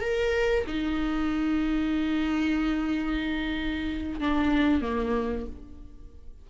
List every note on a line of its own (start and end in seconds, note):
0.00 0.65 A#4
0.67 4.20 D#4
4.20 4.81 D4
4.81 5.45 A#3